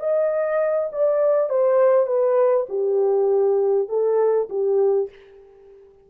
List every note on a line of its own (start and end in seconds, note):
0.00 0.90 D#5
0.92 1.49 D5
1.49 2.07 C5
2.07 2.67 B4
2.69 3.89 G4
3.89 4.49 A4
4.49 5.09 G4